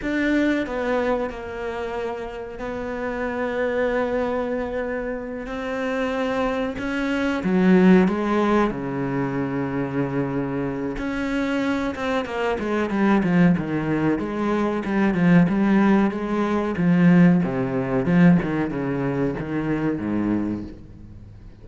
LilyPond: \new Staff \with { instrumentName = "cello" } { \time 4/4 \tempo 4 = 93 d'4 b4 ais2 | b1~ | b8 c'2 cis'4 fis8~ | fis8 gis4 cis2~ cis8~ |
cis4 cis'4. c'8 ais8 gis8 | g8 f8 dis4 gis4 g8 f8 | g4 gis4 f4 c4 | f8 dis8 cis4 dis4 gis,4 | }